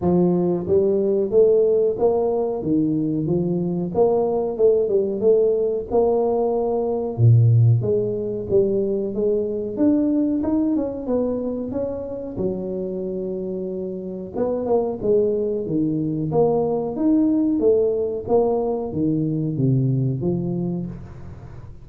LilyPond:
\new Staff \with { instrumentName = "tuba" } { \time 4/4 \tempo 4 = 92 f4 g4 a4 ais4 | dis4 f4 ais4 a8 g8 | a4 ais2 ais,4 | gis4 g4 gis4 d'4 |
dis'8 cis'8 b4 cis'4 fis4~ | fis2 b8 ais8 gis4 | dis4 ais4 dis'4 a4 | ais4 dis4 c4 f4 | }